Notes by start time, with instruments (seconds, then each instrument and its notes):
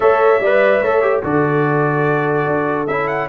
0.00 tuba A3, trombone A4, horn C#5, trumpet E5
0.39 tuba G3, trombone B4, horn D5
0.81 tuba A3, trombone A4, horn C#5
1.02 trombone G4
1.23 tuba D3, trombone F#4, horn A4, trumpet D5
2.46 tuba D4
2.87 tuba C#4, trombone E4, trumpet E5
3.07 trumpet F#5